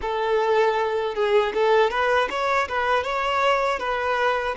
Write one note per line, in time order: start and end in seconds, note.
0.01 1.15 A4
1.15 1.53 G#4
1.54 1.90 A4
1.90 2.28 B4
2.30 2.68 C#5
2.68 3.03 B4
3.03 3.79 C#5
3.79 4.55 B4